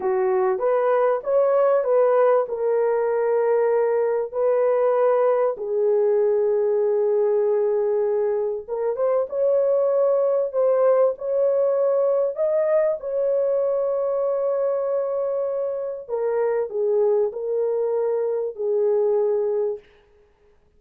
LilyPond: \new Staff \with { instrumentName = "horn" } { \time 4/4 \tempo 4 = 97 fis'4 b'4 cis''4 b'4 | ais'2. b'4~ | b'4 gis'2.~ | gis'2 ais'8 c''8 cis''4~ |
cis''4 c''4 cis''2 | dis''4 cis''2.~ | cis''2 ais'4 gis'4 | ais'2 gis'2 | }